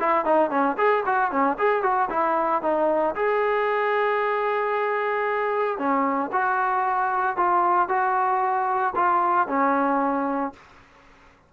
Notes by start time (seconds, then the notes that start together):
0.00 E4
0.25 D#4
0.50 C#4
0.78 G#4
1.06 F#4
1.31 C#4
1.58 G#4
1.83 F#4
2.10 E4
2.62 D#4
3.15 G#4
5.78 C#4
6.32 F#4
7.37 F4
7.89 F#4
8.95 F4
9.48 C#4